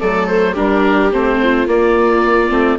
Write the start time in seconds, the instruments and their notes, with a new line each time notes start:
0.00 bassoon F#3, viola A3 A4, oboe D5
0.27 oboe C5
0.53 bassoon G3, viola D4 G4, oboe A#4
1.12 bassoon A3, viola C4, oboe C5
1.43 viola F4
1.67 bassoon A#3, viola A#3, oboe D5
2.49 bassoon A3, viola C4